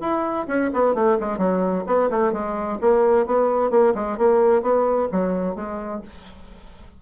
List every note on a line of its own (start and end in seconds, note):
0.00 0.46 E4
0.47 0.70 C#4
0.73 0.94 B3
0.94 1.17 A3
1.20 1.37 G#3
1.37 1.84 F#3
1.86 2.09 B3
2.10 2.32 A3
2.32 2.78 G#3
2.80 3.26 A#3
3.26 3.70 B3
3.70 3.93 A#3
3.94 4.17 G#3
4.17 4.62 A#3
4.62 5.08 B3
5.11 5.55 F#3
5.55 6.01 G#3